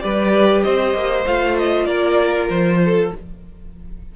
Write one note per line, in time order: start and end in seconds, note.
0.00 0.65 G3
0.00 1.25 G4
0.00 0.64 B4
0.00 0.62 D5
0.63 0.94 C4
0.63 1.87 C5
0.63 1.25 D#5
0.94 1.25 A#3
1.26 1.86 A3
1.26 3.12 F4
1.26 1.57 F5
1.58 1.86 D#5
1.86 2.48 A#3
1.86 2.80 A#4
1.86 2.47 D5
2.50 3.12 F3
2.50 3.12 C5
2.85 3.16 A4